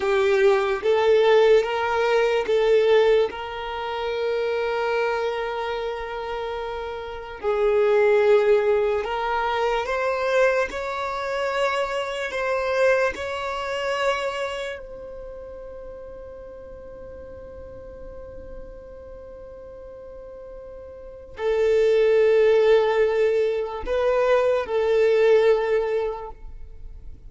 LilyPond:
\new Staff \with { instrumentName = "violin" } { \time 4/4 \tempo 4 = 73 g'4 a'4 ais'4 a'4 | ais'1~ | ais'4 gis'2 ais'4 | c''4 cis''2 c''4 |
cis''2 c''2~ | c''1~ | c''2 a'2~ | a'4 b'4 a'2 | }